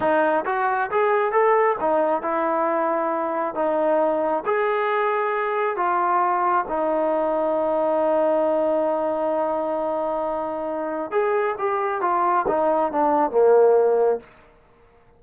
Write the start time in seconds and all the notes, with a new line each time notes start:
0.00 D#4
0.45 F#4
0.90 G#4
1.32 A4
1.80 D#4
2.21 E4
3.54 D#4
4.45 G#4
5.76 F4
6.68 D#4
11.11 G#4
11.58 G4
12.01 F4
12.47 D#4
12.92 D4
13.31 A#3